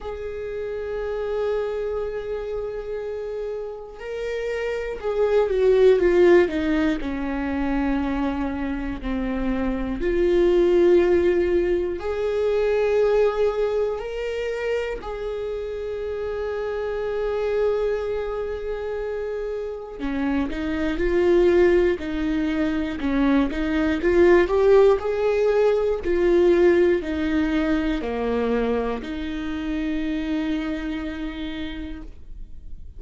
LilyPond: \new Staff \with { instrumentName = "viola" } { \time 4/4 \tempo 4 = 60 gis'1 | ais'4 gis'8 fis'8 f'8 dis'8 cis'4~ | cis'4 c'4 f'2 | gis'2 ais'4 gis'4~ |
gis'1 | cis'8 dis'8 f'4 dis'4 cis'8 dis'8 | f'8 g'8 gis'4 f'4 dis'4 | ais4 dis'2. | }